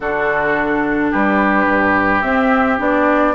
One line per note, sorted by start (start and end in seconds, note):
0.00 1.12 D3
0.00 2.23 D4
0.00 1.11 F#4
0.00 1.12 A4
1.11 1.67 G3
1.11 3.34 G4
1.11 2.21 B4
1.67 2.23 G2
2.21 2.78 C4
2.21 2.79 C4
2.21 2.77 E5
2.78 3.34 B3
2.78 3.34 D4
2.78 3.34 D5